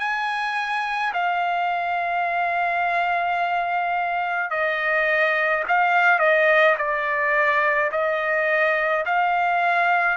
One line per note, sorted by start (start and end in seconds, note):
0.00 1.13 G#5
1.13 4.51 F5
4.51 5.64 D#5
5.68 6.20 F5
6.20 6.76 D#5
6.78 7.91 D5
7.92 9.05 D#5
9.06 10.17 F5